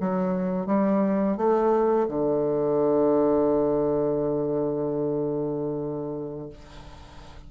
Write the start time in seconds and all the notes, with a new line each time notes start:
0.00 F#3
0.66 G3
1.37 A3
2.08 D3